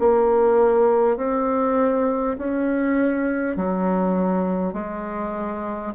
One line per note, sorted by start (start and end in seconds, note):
0.00 1.17 A#3
1.17 2.37 C4
2.38 3.57 C#4
3.57 4.73 F#3
4.73 5.93 G#3